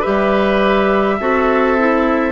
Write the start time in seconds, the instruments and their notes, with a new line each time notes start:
0.00 clarinet G4, oboe B4, flute E5
0.06 bassoon G3
1.20 bassoon C4, clarinet F#4, oboe A4
1.78 clarinet E4